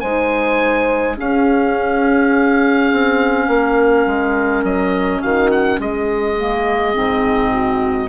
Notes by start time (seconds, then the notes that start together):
0.00 G#3 D#4 C5 G#5
1.15 C#4 G#4 F5
2.92 C4
3.48 A#3 A#4
4.06 G#3
4.63 F#3 D#5
5.21 D#3 F#4 F5
5.51 F#5
5.79 G#3 G#4 D#5
6.36 A#3
6.93 G#2 C4
7.51 F#4